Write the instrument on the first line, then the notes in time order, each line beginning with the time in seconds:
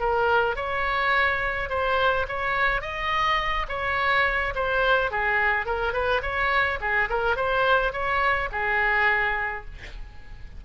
oboe
0.00 A#4
0.56 C#5
1.70 C5
2.28 C#5
2.81 D#5
3.69 C#5
4.55 C5
5.11 G#4
5.66 A#4
5.93 B4
6.22 C#5
6.81 G#4
7.09 A#4
7.36 C5
7.93 C#5
8.52 G#4